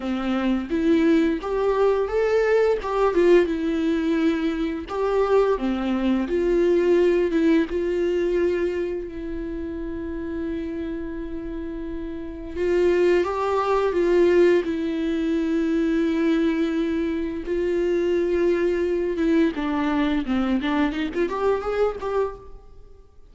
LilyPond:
\new Staff \with { instrumentName = "viola" } { \time 4/4 \tempo 4 = 86 c'4 e'4 g'4 a'4 | g'8 f'8 e'2 g'4 | c'4 f'4. e'8 f'4~ | f'4 e'2.~ |
e'2 f'4 g'4 | f'4 e'2.~ | e'4 f'2~ f'8 e'8 | d'4 c'8 d'8 dis'16 f'16 g'8 gis'8 g'8 | }